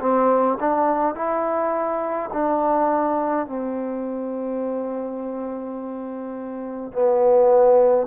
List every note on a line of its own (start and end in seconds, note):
0.00 0.58 C4
0.60 1.15 D4
1.15 2.30 E4
2.33 3.47 D4
3.47 6.92 C4
6.92 8.07 B3